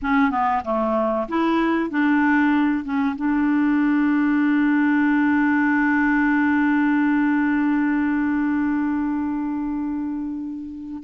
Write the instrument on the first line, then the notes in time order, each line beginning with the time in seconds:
clarinet
0.01 C#4
0.30 B3
0.64 A3
1.28 E4
1.89 D4
2.84 C#4
3.16 D4